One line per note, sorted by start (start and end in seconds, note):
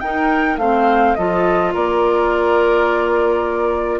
0.00 0.57 D#4
0.00 0.59 D#4
0.00 0.61 A#4
0.00 0.57 G5
0.57 1.14 A3
0.57 1.18 C4
0.57 1.18 C5
0.57 1.15 F5
1.15 1.75 F3
1.15 4.00 F4
1.15 1.73 A4
1.15 1.72 D#5
1.73 4.00 A#3
1.73 4.00 A#4
1.73 4.00 D5